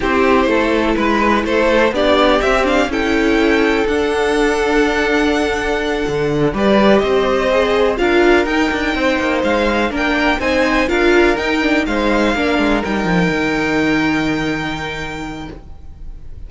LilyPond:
<<
  \new Staff \with { instrumentName = "violin" } { \time 4/4 \tempo 4 = 124 c''2 b'4 c''4 | d''4 e''8 f''8 g''2 | fis''1~ | fis''4. d''4 dis''4.~ |
dis''8 f''4 g''2 f''8~ | f''8 g''4 gis''4 f''4 g''8~ | g''8 f''2 g''4.~ | g''1 | }
  \new Staff \with { instrumentName = "violin" } { \time 4/4 g'4 a'4 b'4 a'4 | g'2 a'2~ | a'1~ | a'4. b'4 c''4.~ |
c''8 ais'2 c''4.~ | c''8 ais'4 c''4 ais'4.~ | ais'8 c''4 ais'2~ ais'8~ | ais'1 | }
  \new Staff \with { instrumentName = "viola" } { \time 4/4 e'1 | d'4 c'8 d'8 e'2 | d'1~ | d'4. g'2 gis'8~ |
gis'8 f'4 dis'2~ dis'8~ | dis'8 d'4 dis'4 f'4 dis'8 | d'8 dis'4 d'4 dis'4.~ | dis'1 | }
  \new Staff \with { instrumentName = "cello" } { \time 4/4 c'4 a4 gis4 a4 | b4 c'4 cis'2 | d'1~ | d'8 d4 g4 c'4.~ |
c'8 d'4 dis'8 d'8 c'8 ais8 gis8~ | gis8 ais4 c'4 d'4 dis'8~ | dis'8 gis4 ais8 gis8 g8 f8 dis8~ | dis1 | }
>>